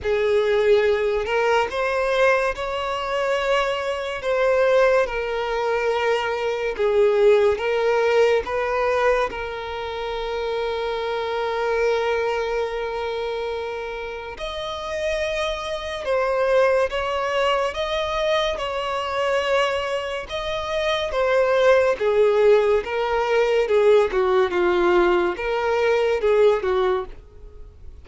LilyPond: \new Staff \with { instrumentName = "violin" } { \time 4/4 \tempo 4 = 71 gis'4. ais'8 c''4 cis''4~ | cis''4 c''4 ais'2 | gis'4 ais'4 b'4 ais'4~ | ais'1~ |
ais'4 dis''2 c''4 | cis''4 dis''4 cis''2 | dis''4 c''4 gis'4 ais'4 | gis'8 fis'8 f'4 ais'4 gis'8 fis'8 | }